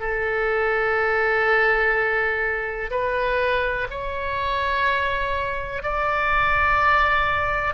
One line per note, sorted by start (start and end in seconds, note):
0.00 2.90 A4
2.91 3.88 B4
3.91 5.83 C#5
5.83 7.74 D5